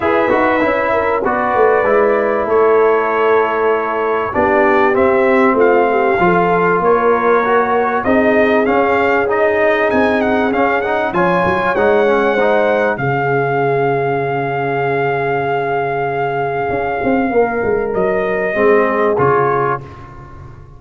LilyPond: <<
  \new Staff \with { instrumentName = "trumpet" } { \time 4/4 \tempo 4 = 97 e''2 d''2 | cis''2. d''4 | e''4 f''2 cis''4~ | cis''4 dis''4 f''4 dis''4 |
gis''8 fis''8 f''8 fis''8 gis''4 fis''4~ | fis''4 f''2.~ | f''1~ | f''4 dis''2 cis''4 | }
  \new Staff \with { instrumentName = "horn" } { \time 4/4 b'4. ais'8 b'2 | a'2. g'4~ | g'4 f'8 g'8 a'4 ais'4~ | ais'4 gis'2.~ |
gis'2 cis''2 | c''4 gis'2.~ | gis'1 | ais'2 gis'2 | }
  \new Staff \with { instrumentName = "trombone" } { \time 4/4 gis'8 fis'8 e'4 fis'4 e'4~ | e'2. d'4 | c'2 f'2 | fis'4 dis'4 cis'4 dis'4~ |
dis'4 cis'8 dis'8 f'4 dis'8 cis'8 | dis'4 cis'2.~ | cis'1~ | cis'2 c'4 f'4 | }
  \new Staff \with { instrumentName = "tuba" } { \time 4/4 e'8 dis'8 cis'4 b8 a8 gis4 | a2. b4 | c'4 a4 f4 ais4~ | ais4 c'4 cis'2 |
c'4 cis'4 f8 fis8 gis4~ | gis4 cis2.~ | cis2. cis'8 c'8 | ais8 gis8 fis4 gis4 cis4 | }
>>